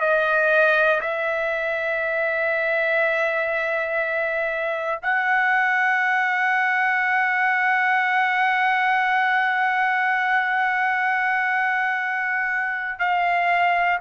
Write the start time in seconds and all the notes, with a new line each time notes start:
0.00 D#5
1.00 E5
5.02 F#5
12.99 F5